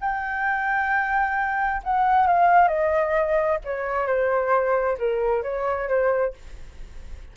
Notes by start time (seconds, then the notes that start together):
0.00 G5
1.83 F#5
2.27 F5
2.68 D#5
3.64 C#5
4.06 C5
4.98 A#4
5.43 C#5
5.88 C5